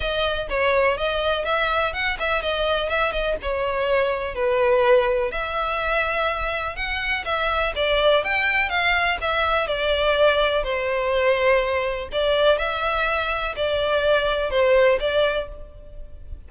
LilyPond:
\new Staff \with { instrumentName = "violin" } { \time 4/4 \tempo 4 = 124 dis''4 cis''4 dis''4 e''4 | fis''8 e''8 dis''4 e''8 dis''8 cis''4~ | cis''4 b'2 e''4~ | e''2 fis''4 e''4 |
d''4 g''4 f''4 e''4 | d''2 c''2~ | c''4 d''4 e''2 | d''2 c''4 d''4 | }